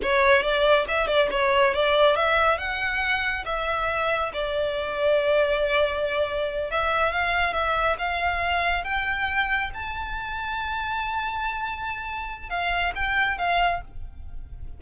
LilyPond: \new Staff \with { instrumentName = "violin" } { \time 4/4 \tempo 4 = 139 cis''4 d''4 e''8 d''8 cis''4 | d''4 e''4 fis''2 | e''2 d''2~ | d''2.~ d''8 e''8~ |
e''8 f''4 e''4 f''4.~ | f''8 g''2 a''4.~ | a''1~ | a''4 f''4 g''4 f''4 | }